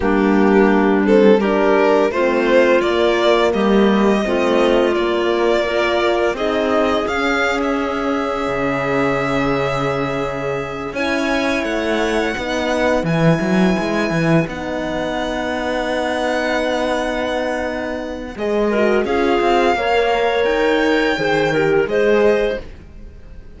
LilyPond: <<
  \new Staff \with { instrumentName = "violin" } { \time 4/4 \tempo 4 = 85 g'4. a'8 ais'4 c''4 | d''4 dis''2 d''4~ | d''4 dis''4 f''8. e''4~ e''16~ | e''2.~ e''8 gis''8~ |
gis''8 fis''2 gis''4.~ | gis''8 fis''2.~ fis''8~ | fis''2 dis''4 f''4~ | f''4 g''2 dis''4 | }
  \new Staff \with { instrumentName = "clarinet" } { \time 4/4 d'2 g'4 f'4~ | f'4 g'4 f'2 | ais'4 gis'2.~ | gis'2.~ gis'8 cis''8~ |
cis''4. b'2~ b'8~ | b'1~ | b'2~ b'8 ais'8 gis'4 | cis''2 c''8 ais'8 c''4 | }
  \new Staff \with { instrumentName = "horn" } { \time 4/4 ais4. c'8 d'4 c'4 | ais2 c'4 ais4 | f'4 dis'4 cis'2~ | cis'2.~ cis'8 e'8~ |
e'4. dis'4 e'4.~ | e'8 dis'2.~ dis'8~ | dis'2 gis'8 fis'8 f'4 | ais'2 gis'8 g'8 gis'4 | }
  \new Staff \with { instrumentName = "cello" } { \time 4/4 g2. a4 | ais4 g4 a4 ais4~ | ais4 c'4 cis'2 | cis2.~ cis8 cis'8~ |
cis'8 a4 b4 e8 fis8 gis8 | e8 b2.~ b8~ | b2 gis4 cis'8 c'8 | ais4 dis'4 dis4 gis4 | }
>>